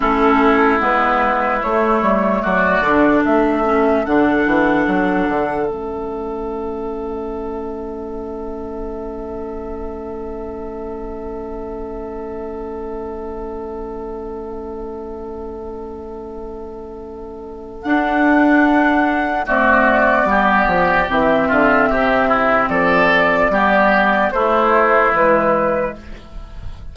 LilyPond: <<
  \new Staff \with { instrumentName = "flute" } { \time 4/4 \tempo 4 = 74 a'4 b'4 cis''4 d''4 | e''4 fis''2 e''4~ | e''1~ | e''1~ |
e''1~ | e''2 fis''2 | d''2 e''2 | d''2 c''4 b'4 | }
  \new Staff \with { instrumentName = "oboe" } { \time 4/4 e'2. fis'4 | a'1~ | a'1~ | a'1~ |
a'1~ | a'1 | fis'4 g'4. f'8 g'8 e'8 | a'4 g'4 e'2 | }
  \new Staff \with { instrumentName = "clarinet" } { \time 4/4 cis'4 b4 a4. d'8~ | d'8 cis'8 d'2 cis'4~ | cis'1~ | cis'1~ |
cis'1~ | cis'2 d'2 | a4 b4 c'2~ | c'4 b4 a4 gis4 | }
  \new Staff \with { instrumentName = "bassoon" } { \time 4/4 a4 gis4 a8 g8 fis8 d8 | a4 d8 e8 fis8 d8 a4~ | a1~ | a1~ |
a1~ | a2 d'2 | c'4 g8 f8 e8 d8 c4 | f4 g4 a4 e4 | }
>>